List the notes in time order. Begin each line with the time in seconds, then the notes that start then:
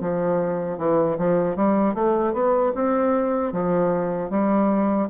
0.00 F3
0.78 E3
1.18 F3
1.56 G3
1.94 A3
2.33 B3
2.75 C4
3.52 F3
4.30 G3